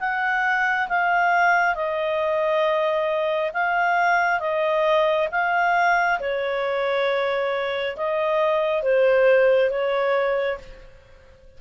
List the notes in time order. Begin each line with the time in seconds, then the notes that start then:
0.00 F#5
0.88 F5
1.75 D#5
3.53 F5
4.40 D#5
5.31 F5
6.20 C#5
7.97 D#5
8.82 C5
9.70 C#5